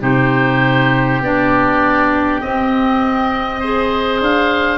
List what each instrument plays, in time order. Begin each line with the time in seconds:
0.00 tuba C3, clarinet D#4, oboe G4 C5
1.21 tuba B3, clarinet D4, oboe D5
2.41 clarinet C4, tuba C4, oboe D#5
3.59 clarinet G#4, oboe C5
4.21 tuba D4, oboe F5